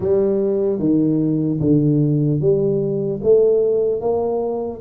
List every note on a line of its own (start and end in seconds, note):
0.00 0.79 G3
0.79 1.59 D#3
1.60 2.40 D3
2.40 3.20 G3
3.23 4.00 A3
4.00 4.80 A#3